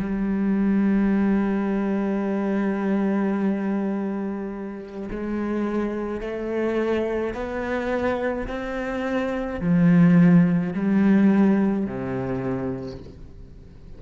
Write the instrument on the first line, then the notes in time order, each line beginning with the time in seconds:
cello
0.00 G3
5.11 G#3
6.21 A3
7.34 B3
8.48 C4
9.61 F3
10.73 G3
11.87 C3